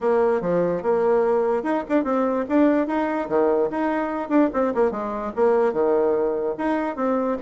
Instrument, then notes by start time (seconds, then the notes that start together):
bassoon
0.00 A#3
0.41 F3
0.82 A#3
1.63 D#4
1.88 D4
2.04 C4
2.48 D4
2.87 D#4
3.29 D#3
3.70 D#4
4.29 D4
4.53 C4
4.74 A#3
4.91 G#3
5.35 A#3
5.72 D#3
6.57 D#4
6.96 C4